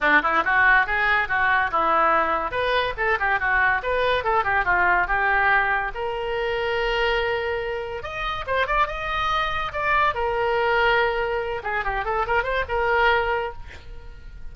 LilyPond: \new Staff \with { instrumentName = "oboe" } { \time 4/4 \tempo 4 = 142 d'8 e'8 fis'4 gis'4 fis'4 | e'2 b'4 a'8 g'8 | fis'4 b'4 a'8 g'8 f'4 | g'2 ais'2~ |
ais'2. dis''4 | c''8 d''8 dis''2 d''4 | ais'2.~ ais'8 gis'8 | g'8 a'8 ais'8 c''8 ais'2 | }